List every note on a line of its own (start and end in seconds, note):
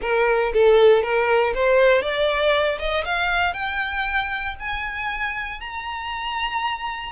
0.01 0.52 A#4
0.53 1.02 A4
1.02 1.53 A#4
1.54 2.02 C5
2.02 2.78 D5
2.78 3.04 D#5
3.04 3.53 F5
3.53 4.55 G5
4.59 5.60 G#5
5.60 7.12 A#5